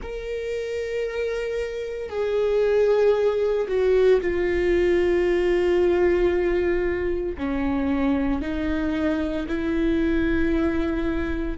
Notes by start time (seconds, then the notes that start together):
0.02 A#4
2.09 G#4
3.67 F#4
4.21 F4
7.37 C#4
8.41 D#4
9.47 E4